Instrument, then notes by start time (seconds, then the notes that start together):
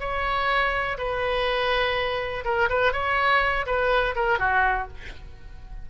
oboe
0.00 C#5
0.98 B4
2.45 A#4
2.69 B4
2.93 C#5
3.66 B4
4.16 A#4
4.39 F#4